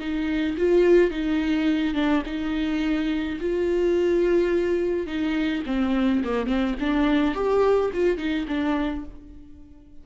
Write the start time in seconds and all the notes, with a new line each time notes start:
0.00 D#4
0.57 F4
1.11 D#4
1.95 D4
2.26 D#4
3.40 F4
5.07 D#4
5.66 C4
6.24 A#3
6.47 C4
6.80 D4
7.35 G4
7.94 F4
8.17 D#4
8.48 D4